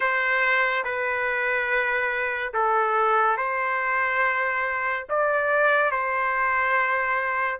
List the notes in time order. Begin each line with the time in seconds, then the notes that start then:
0.00 C5
0.84 B4
2.53 A4
3.37 C5
5.09 D5
5.91 C5